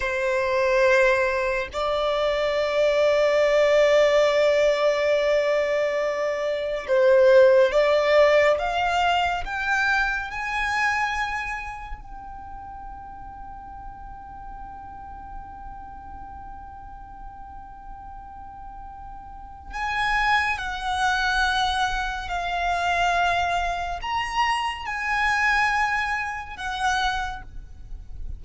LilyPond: \new Staff \with { instrumentName = "violin" } { \time 4/4 \tempo 4 = 70 c''2 d''2~ | d''1 | c''4 d''4 f''4 g''4 | gis''2 g''2~ |
g''1~ | g''2. gis''4 | fis''2 f''2 | ais''4 gis''2 fis''4 | }